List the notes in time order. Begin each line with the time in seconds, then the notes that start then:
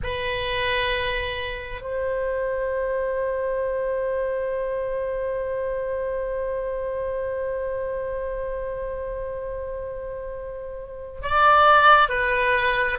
0.03 B4
1.81 C5
11.21 D5
12.09 B4